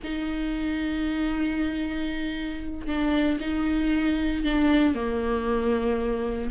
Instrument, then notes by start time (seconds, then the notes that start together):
viola
0.03 D#4
2.86 D4
3.40 D#4
4.43 D4
4.94 A#3